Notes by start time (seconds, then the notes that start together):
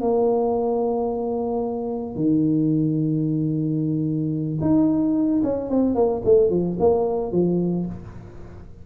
0.00 A#3
2.15 D#3
4.60 D#4
5.43 C#4
5.69 C4
5.95 A#3
6.24 A3
6.50 F3
6.79 A#3
7.31 F3